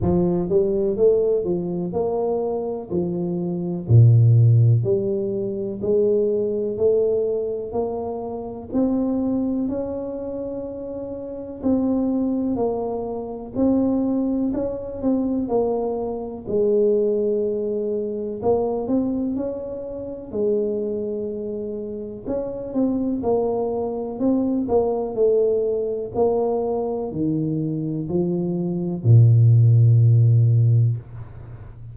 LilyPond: \new Staff \with { instrumentName = "tuba" } { \time 4/4 \tempo 4 = 62 f8 g8 a8 f8 ais4 f4 | ais,4 g4 gis4 a4 | ais4 c'4 cis'2 | c'4 ais4 c'4 cis'8 c'8 |
ais4 gis2 ais8 c'8 | cis'4 gis2 cis'8 c'8 | ais4 c'8 ais8 a4 ais4 | dis4 f4 ais,2 | }